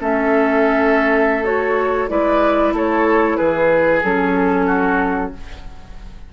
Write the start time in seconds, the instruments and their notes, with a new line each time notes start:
0.00 bassoon A3, clarinet C#4, oboe A4, flute E5
1.44 clarinet F#4, flute C#5
2.09 bassoon G#3, clarinet E4, oboe B4, flute D5
2.73 bassoon A3, oboe A4, flute C#5
3.37 bassoon E3, oboe G#4, flute B4
4.04 bassoon F#3, clarinet C#4, flute A4
4.66 oboe F#4